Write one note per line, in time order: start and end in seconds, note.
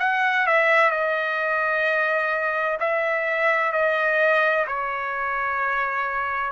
0.00 0.47 F#5
0.47 0.91 E5
0.91 2.79 D#5
2.80 3.73 E5
3.73 4.67 D#5
4.67 6.52 C#5